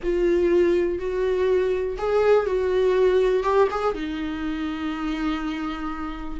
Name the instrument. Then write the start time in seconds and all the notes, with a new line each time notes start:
viola
0.03 F4
0.99 F#4
1.98 G#4
2.46 F#4
3.43 G4
3.70 G#4
3.94 D#4